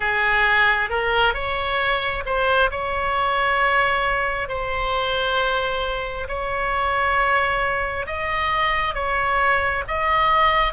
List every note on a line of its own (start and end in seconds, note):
0.00 0.90 G#4
0.90 1.34 A#4
1.34 2.23 C#5
2.26 2.70 C5
2.71 4.48 C#5
4.48 6.27 C5
6.27 8.06 C#5
8.06 8.94 D#5
8.94 9.83 C#5
9.87 10.73 D#5